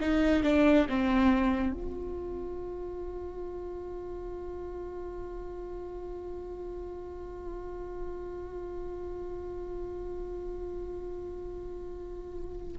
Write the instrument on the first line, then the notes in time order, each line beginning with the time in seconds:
viola
0.00 D#4
0.43 D4
0.89 C4
1.73 F4